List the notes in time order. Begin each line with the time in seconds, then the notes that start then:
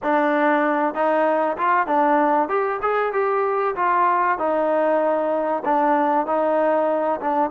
0.02 D4
0.94 D#4
1.57 F4
1.87 D4
2.48 G4
2.82 G#4
3.12 G4
3.75 F4
4.38 D#4
5.64 D4
6.26 D#4
7.20 D4